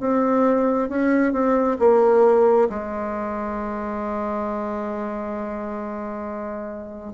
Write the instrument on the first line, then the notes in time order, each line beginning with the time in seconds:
bassoon
0.00 C4
0.89 C#4
1.33 C4
1.79 A#3
2.69 G#3